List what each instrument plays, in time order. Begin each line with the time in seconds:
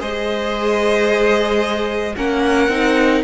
0.00 cello G#3, viola G#4, violin C5 D#5
2.17 cello A#3, viola C#4, violin A#4 F#5
2.69 cello C4, viola D#4